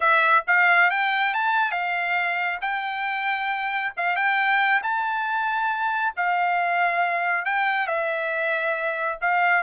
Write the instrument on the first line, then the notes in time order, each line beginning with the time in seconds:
trumpet
0.00 E5
0.47 F5
0.90 G5
1.34 A5
1.71 F5
2.61 G5
3.97 F5
4.15 G5
4.82 A5
6.16 F5
7.45 G5
7.87 E5
9.21 F5